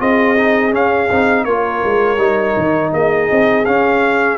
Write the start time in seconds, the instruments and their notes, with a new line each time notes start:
0.00 tuba C4, trombone F4, horn G#4, trumpet D#5
0.37 trombone D#4
0.72 trombone C#4, tuba C#4, trumpet F5
1.11 tuba C4, trombone D#4
1.45 tuba A#3, trombone F4, horn A#4, trumpet C#5
1.85 tuba G#3
2.18 tuba G3, trombone D#4
2.57 tuba D#3
2.93 tuba A#3, horn G#4, trumpet D#5
3.32 tuba C4
3.65 tuba C#4, trombone C#4, trumpet F5